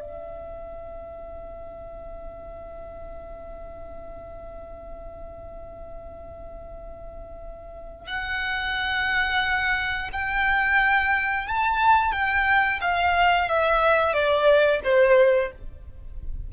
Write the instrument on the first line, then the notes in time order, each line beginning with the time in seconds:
violin
0.00 E5
8.07 F#5
10.12 G5
11.47 A5
12.12 G5
12.81 F5
13.48 E5
14.13 D5
14.83 C5